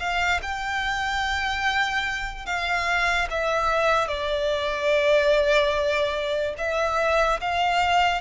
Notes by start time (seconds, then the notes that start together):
0.00 F5
0.43 G5
2.46 F5
3.31 E5
4.08 D5
6.58 E5
7.41 F5